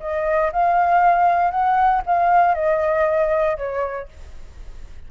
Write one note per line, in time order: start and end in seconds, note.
0.00 0.51 D#5
0.52 1.51 F5
1.51 2.02 F#5
2.06 2.55 F5
2.55 3.57 D#5
3.57 4.08 C#5